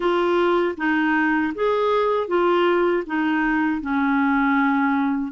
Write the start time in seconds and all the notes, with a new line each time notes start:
0.00 F4
0.77 D#4
1.54 G#4
2.27 F4
3.06 D#4
3.81 C#4